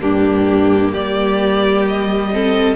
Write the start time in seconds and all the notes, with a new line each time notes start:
0.00 G2 A#3 D4 G4
0.92 G3 G4 D5
1.87 D#5
2.33 C4 A4